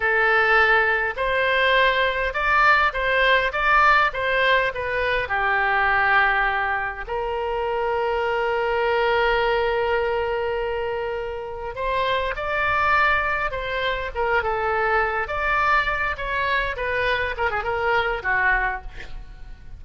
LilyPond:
\new Staff \with { instrumentName = "oboe" } { \time 4/4 \tempo 4 = 102 a'2 c''2 | d''4 c''4 d''4 c''4 | b'4 g'2. | ais'1~ |
ais'1 | c''4 d''2 c''4 | ais'8 a'4. d''4. cis''8~ | cis''8 b'4 ais'16 gis'16 ais'4 fis'4 | }